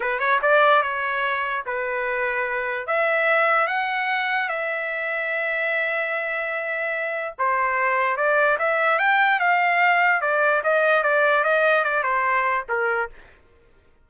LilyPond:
\new Staff \with { instrumentName = "trumpet" } { \time 4/4 \tempo 4 = 147 b'8 cis''8 d''4 cis''2 | b'2. e''4~ | e''4 fis''2 e''4~ | e''1~ |
e''2 c''2 | d''4 e''4 g''4 f''4~ | f''4 d''4 dis''4 d''4 | dis''4 d''8 c''4. ais'4 | }